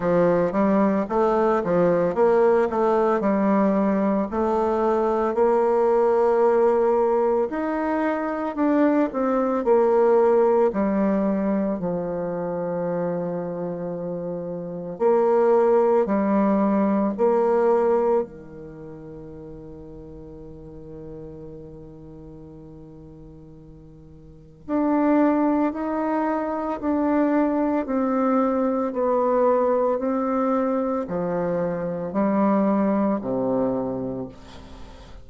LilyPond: \new Staff \with { instrumentName = "bassoon" } { \time 4/4 \tempo 4 = 56 f8 g8 a8 f8 ais8 a8 g4 | a4 ais2 dis'4 | d'8 c'8 ais4 g4 f4~ | f2 ais4 g4 |
ais4 dis2.~ | dis2. d'4 | dis'4 d'4 c'4 b4 | c'4 f4 g4 c4 | }